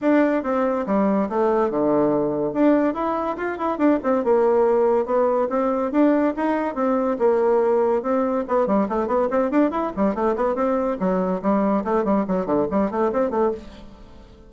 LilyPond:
\new Staff \with { instrumentName = "bassoon" } { \time 4/4 \tempo 4 = 142 d'4 c'4 g4 a4 | d2 d'4 e'4 | f'8 e'8 d'8 c'8 ais2 | b4 c'4 d'4 dis'4 |
c'4 ais2 c'4 | b8 g8 a8 b8 c'8 d'8 e'8 g8 | a8 b8 c'4 fis4 g4 | a8 g8 fis8 d8 g8 a8 c'8 a8 | }